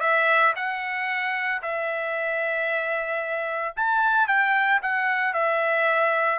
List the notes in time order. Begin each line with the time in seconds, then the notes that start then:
0.00 E5
0.56 F#5
1.62 E5
3.76 A5
4.27 G5
4.82 F#5
5.33 E5